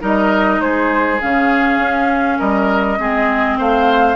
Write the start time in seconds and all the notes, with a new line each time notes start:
0.00 G3 D#4 A#4
0.06 D#5
0.60 G#3 G#4 C5
1.21 C#3 C#4 F5
1.78 C#4
2.39 G3 A#4 D#5
2.99 G#3 C4 G#4
3.58 A3 C5 F5